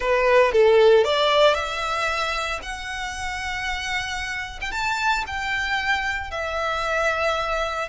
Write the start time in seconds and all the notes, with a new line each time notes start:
0.00 B4
0.51 A4
1.04 D5
1.54 E5
2.62 F#5
4.61 G5
4.71 A5
5.27 G5
6.30 E5